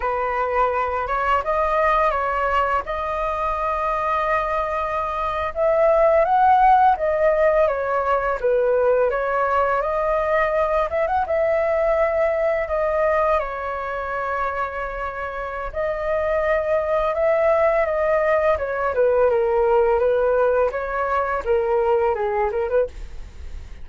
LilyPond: \new Staff \with { instrumentName = "flute" } { \time 4/4 \tempo 4 = 84 b'4. cis''8 dis''4 cis''4 | dis''2.~ dis''8. e''16~ | e''8. fis''4 dis''4 cis''4 b'16~ | b'8. cis''4 dis''4. e''16 fis''16 e''16~ |
e''4.~ e''16 dis''4 cis''4~ cis''16~ | cis''2 dis''2 | e''4 dis''4 cis''8 b'8 ais'4 | b'4 cis''4 ais'4 gis'8 ais'16 b'16 | }